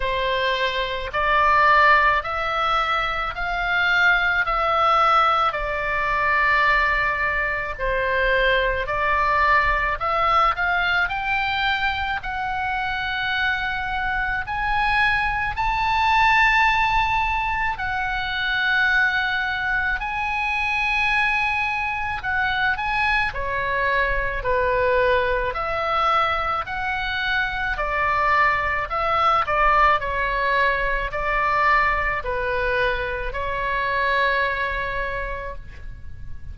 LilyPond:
\new Staff \with { instrumentName = "oboe" } { \time 4/4 \tempo 4 = 54 c''4 d''4 e''4 f''4 | e''4 d''2 c''4 | d''4 e''8 f''8 g''4 fis''4~ | fis''4 gis''4 a''2 |
fis''2 gis''2 | fis''8 gis''8 cis''4 b'4 e''4 | fis''4 d''4 e''8 d''8 cis''4 | d''4 b'4 cis''2 | }